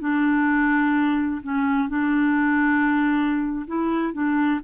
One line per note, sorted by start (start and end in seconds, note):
0.00 1.42 D4
1.43 1.89 C#4
1.89 3.66 D4
3.67 4.13 E4
4.13 4.60 D4